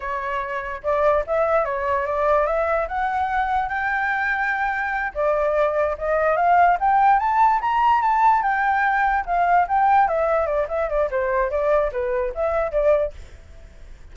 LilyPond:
\new Staff \with { instrumentName = "flute" } { \time 4/4 \tempo 4 = 146 cis''2 d''4 e''4 | cis''4 d''4 e''4 fis''4~ | fis''4 g''2.~ | g''8 d''2 dis''4 f''8~ |
f''8 g''4 a''4 ais''4 a''8~ | a''8 g''2 f''4 g''8~ | g''8 e''4 d''8 e''8 d''8 c''4 | d''4 b'4 e''4 d''4 | }